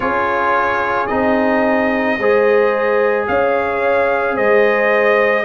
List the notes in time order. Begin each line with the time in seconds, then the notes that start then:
0.00 C#4 F4 G#4 C#5
1.06 C4 D#4 D#5
2.17 G#3 G#4 C5
3.27 C#4 C#5 F5
4.35 G#3 C5 D#5